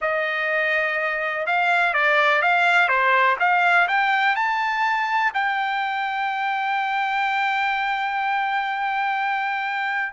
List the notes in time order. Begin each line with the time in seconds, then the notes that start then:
0.01 D#5
1.46 F5
1.93 D5
2.41 F5
2.88 C5
3.39 F5
3.88 G5
4.35 A5
5.34 G5